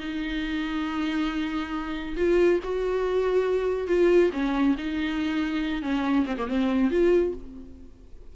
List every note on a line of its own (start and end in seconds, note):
0.00 2.16 D#4
2.17 2.60 F4
2.64 3.88 F#4
3.88 4.31 F4
4.33 4.76 C#4
4.78 5.83 D#4
5.83 6.26 C#4
6.26 6.37 C4
6.37 6.48 A#3
6.48 6.91 C4
6.91 7.34 F4